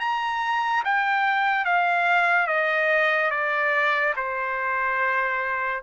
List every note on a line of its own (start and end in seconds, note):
0.00 0.83 A#5
0.85 1.66 G5
1.66 2.47 F5
2.47 3.31 D#5
3.31 4.14 D5
4.16 5.83 C5